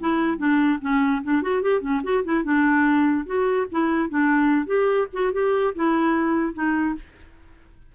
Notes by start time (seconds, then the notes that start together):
0.00 E4
0.38 D4
0.81 C#4
1.23 D4
1.42 F#4
1.62 G4
1.81 C#4
2.03 F#4
2.24 E4
2.44 D4
3.26 F#4
3.71 E4
4.09 D4
4.66 G4
5.13 F#4
5.33 G4
5.75 E4
6.54 D#4